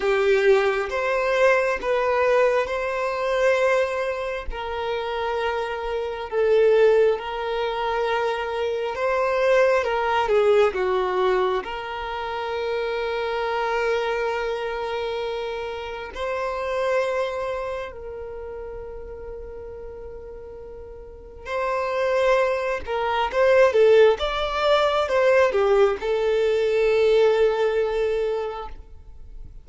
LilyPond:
\new Staff \with { instrumentName = "violin" } { \time 4/4 \tempo 4 = 67 g'4 c''4 b'4 c''4~ | c''4 ais'2 a'4 | ais'2 c''4 ais'8 gis'8 | fis'4 ais'2.~ |
ais'2 c''2 | ais'1 | c''4. ais'8 c''8 a'8 d''4 | c''8 g'8 a'2. | }